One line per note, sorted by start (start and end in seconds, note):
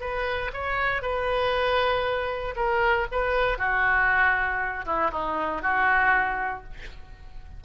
0.00 0.51 B4
0.53 1.02 C#5
1.02 2.54 B4
2.55 3.06 A#4
3.11 3.58 B4
3.58 4.85 F#4
4.85 5.11 E4
5.11 5.62 D#4
5.62 6.63 F#4